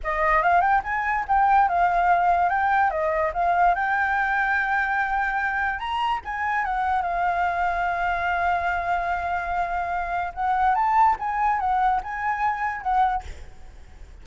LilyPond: \new Staff \with { instrumentName = "flute" } { \time 4/4 \tempo 4 = 145 dis''4 f''8 g''8 gis''4 g''4 | f''2 g''4 dis''4 | f''4 g''2.~ | g''2 ais''4 gis''4 |
fis''4 f''2.~ | f''1~ | f''4 fis''4 a''4 gis''4 | fis''4 gis''2 fis''4 | }